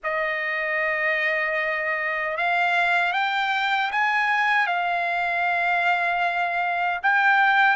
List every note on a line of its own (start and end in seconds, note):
0.03 2.37 D#5
2.37 3.12 F5
3.12 3.90 G5
3.91 4.66 G#5
4.66 7.00 F5
7.02 7.76 G5